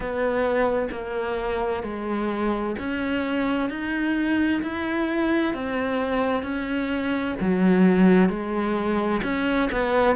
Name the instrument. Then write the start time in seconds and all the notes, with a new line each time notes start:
cello
0.00 B3
0.91 A#3
1.83 G#3
2.79 C#4
3.69 D#4
4.62 E4
5.53 C4
6.42 C#4
7.40 F#3
8.29 G#3
9.23 C#4
9.71 B3